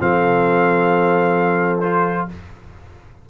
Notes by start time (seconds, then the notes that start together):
0.00 F3 C4 A4 F5
1.80 F4 C5